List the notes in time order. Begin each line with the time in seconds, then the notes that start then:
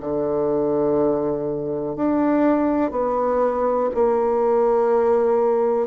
0.00 D3
1.95 D4
2.91 B3
3.94 A#3